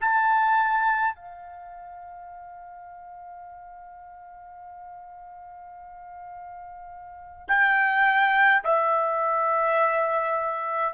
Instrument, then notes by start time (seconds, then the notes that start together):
trumpet
0.00 A5
1.15 F5
7.47 G5
8.64 E5